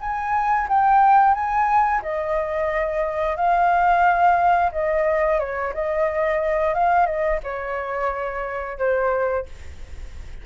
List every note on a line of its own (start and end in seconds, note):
0.00 0.67 G#5
0.68 1.34 G5
1.34 2.01 G#5
2.02 3.36 D#5
3.36 4.71 F5
4.72 5.39 D#5
5.39 5.73 C#5
5.73 6.74 D#5
6.74 7.06 F5
7.06 7.39 D#5
7.43 8.78 C#5
8.78 9.45 C5